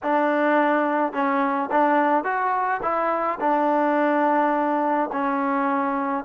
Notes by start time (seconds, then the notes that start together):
0.02 D4
1.12 C#4
1.71 D4
2.24 F#4
2.82 E4
3.40 D4
5.12 C#4